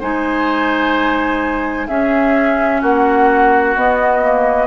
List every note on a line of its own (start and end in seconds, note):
0.00 1.88 G#3
0.00 1.89 D#4
0.00 1.88 C5
0.00 1.88 G#5
1.88 2.82 C#4
1.88 3.77 C#4
1.88 2.81 G#4
1.88 2.81 E5
2.81 3.76 A#3
2.81 4.68 F#4
2.81 3.76 F#5
3.76 4.68 B3
3.76 4.22 B3
3.76 4.68 D#5
4.22 4.68 A#3